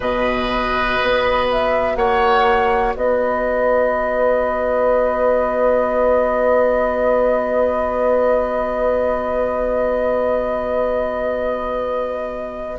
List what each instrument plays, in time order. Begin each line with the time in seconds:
0.00 bassoon B2, clarinet F#4, oboe B4, flute D#5
1.02 bassoon B3
1.51 flute E5
1.95 bassoon A#3, oboe C#5, flute F#5
2.95 bassoon B3, oboe B4, flute D#5